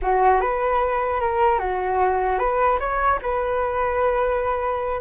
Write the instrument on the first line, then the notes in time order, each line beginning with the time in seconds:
flute
0.02 F#4
0.41 B4
1.20 A#4
1.58 F#4
2.38 B4
2.79 C#5
3.22 B4